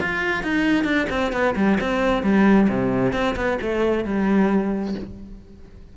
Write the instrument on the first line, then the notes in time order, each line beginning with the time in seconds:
cello
0.00 F4
0.43 D#4
0.84 D4
1.10 C4
1.32 B3
1.56 G3
1.80 C4
2.22 G3
2.68 C3
3.13 C4
3.36 B3
3.62 A3
4.04 G3